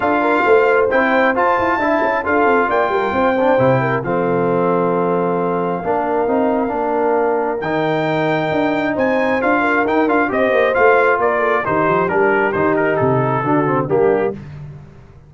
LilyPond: <<
  \new Staff \with { instrumentName = "trumpet" } { \time 4/4 \tempo 4 = 134 f''2 g''4 a''4~ | a''4 f''4 g''2~ | g''4 f''2.~ | f''1~ |
f''4 g''2. | gis''4 f''4 g''8 f''8 dis''4 | f''4 d''4 c''4 ais'4 | c''8 ais'8 a'2 g'4 | }
  \new Staff \with { instrumentName = "horn" } { \time 4/4 a'8 ais'8 c''2. | e''4 a'4 d''8 ais'8 c''4~ | c''8 ais'8 a'2.~ | a'4 ais'2.~ |
ais'1 | c''4. ais'4. c''4~ | c''4 ais'8 a'8 g'2~ | g'2 fis'4 d'4 | }
  \new Staff \with { instrumentName = "trombone" } { \time 4/4 f'2 e'4 f'4 | e'4 f'2~ f'8 d'8 | e'4 c'2.~ | c'4 d'4 dis'4 d'4~ |
d'4 dis'2.~ | dis'4 f'4 dis'8 f'8 g'4 | f'2 dis'4 d'4 | dis'2 d'8 c'8 ais4 | }
  \new Staff \with { instrumentName = "tuba" } { \time 4/4 d'4 a4 c'4 f'8 e'8 | d'8 cis'8 d'8 c'8 ais8 g8 c'4 | c4 f2.~ | f4 ais4 c'4 ais4~ |
ais4 dis2 d'4 | c'4 d'4 dis'8 d'8 c'8 ais8 | a4 ais4 dis8 f8 g4 | dis4 c4 d4 g4 | }
>>